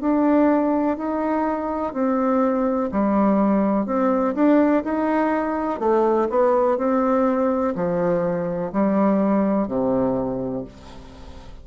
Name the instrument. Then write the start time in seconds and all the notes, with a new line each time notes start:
bassoon
0.00 D4
0.97 D#4
1.93 C4
2.92 G3
3.86 C4
4.35 D4
4.84 D#4
5.79 A3
6.29 B3
6.77 C4
7.75 F3
8.72 G3
9.68 C3